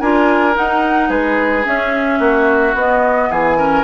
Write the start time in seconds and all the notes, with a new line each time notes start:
0.00 D4 F4 A#4 G#5
0.54 D#4 F#5
1.09 G#3 G#4 B4
1.64 C#4 E5
2.19 A#3 F#4
2.74 B3 D#5
3.30 E3 G#4 G#5
3.58 C#4 A#4